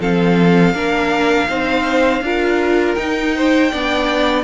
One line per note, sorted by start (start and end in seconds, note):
0.00 0.74 F3
0.00 0.74 C4
0.00 0.74 A4
0.00 2.95 F5
0.74 1.48 A#3
0.74 1.48 D4
0.74 1.48 A#4
1.48 2.21 C4
1.48 2.22 D#4
1.48 2.23 C5
2.21 2.95 D4
2.21 2.97 F4
2.21 3.36 A#4
2.95 3.71 D#4
2.95 3.73 D#4
2.95 4.43 G5
3.36 3.71 C5
3.71 4.44 B3
3.71 4.44 D4
3.71 4.44 D5